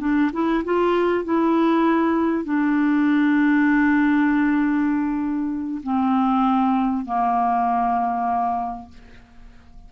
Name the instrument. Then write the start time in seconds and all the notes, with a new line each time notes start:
clarinet
0.00 D4
0.33 E4
0.64 F4
1.24 E4
2.44 D4
5.83 C4
7.05 A#3